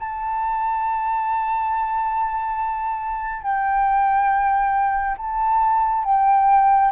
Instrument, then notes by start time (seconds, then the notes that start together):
flute
0.00 A5
3.43 G5
5.18 A5
6.05 G5